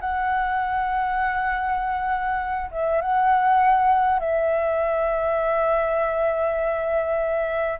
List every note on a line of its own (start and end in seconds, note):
0.00 2.70 F#5
2.71 3.01 E5
3.01 4.19 F#5
4.19 7.79 E5